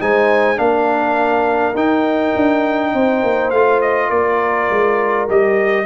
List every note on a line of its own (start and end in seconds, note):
0.00 0.58 G#3
0.00 0.56 D#4
0.00 0.60 C5
0.00 0.58 G#5
0.56 1.75 A#3
0.56 1.74 D4
0.56 2.94 A#4
0.56 1.76 F5
1.75 2.33 D#4
1.75 3.53 D#4
1.75 3.51 G5
2.36 2.94 D4
2.94 3.23 C4
2.94 4.09 C5
3.23 3.52 A#3
3.51 4.11 A3
3.51 5.29 F4
3.51 3.80 F5
3.81 4.10 D#5
4.09 4.69 A#3
4.09 5.86 A#4
4.09 5.28 D5
4.70 5.29 G#3
5.29 5.86 G3
5.29 5.86 G4
5.29 5.86 D#5